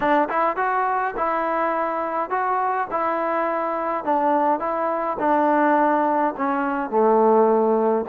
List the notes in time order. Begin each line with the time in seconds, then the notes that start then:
0.00 D4
0.29 E4
0.56 F#4
1.17 E4
2.29 F#4
2.90 E4
4.04 D4
4.59 E4
5.19 D4
6.37 C#4
6.89 A3